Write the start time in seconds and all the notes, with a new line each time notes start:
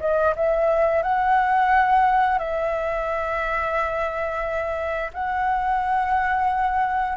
0.00 D#5
0.36 E5
1.02 F#5
2.38 E5
5.14 F#5